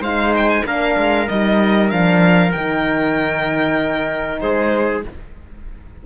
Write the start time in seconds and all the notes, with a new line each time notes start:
0.00 G#3 D#4 C5 F5
0.36 G5
0.49 G#5
0.65 A#3 D4 A#4 F5
0.97 G#3
1.28 G3 D#4 D#5
1.89 F3 D4 F5
2.51 D#3 D#4 G5
4.40 G#3 G#4 C5